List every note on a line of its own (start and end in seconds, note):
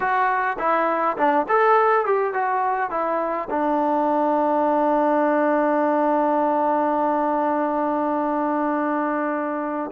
0.00 0.57 F#4
0.58 1.17 E4
1.17 1.46 D4
1.48 2.05 A4
2.05 2.33 G4
2.33 2.90 F#4
2.90 3.48 E4
3.50 9.90 D4